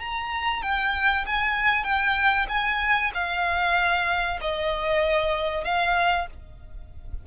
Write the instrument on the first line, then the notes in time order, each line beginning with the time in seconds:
violin
0.00 A#5
0.62 G5
1.26 G#5
1.84 G5
2.49 G#5
3.14 F5
4.41 D#5
5.64 F5